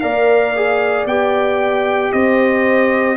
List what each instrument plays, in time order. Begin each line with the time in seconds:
0.00 tuba A#3, trombone A#4, horn D5, trumpet F5
0.55 trombone G#4
1.06 tuba B3, trombone G4, trumpet G5
2.12 tuba C4, horn C5, trumpet D#5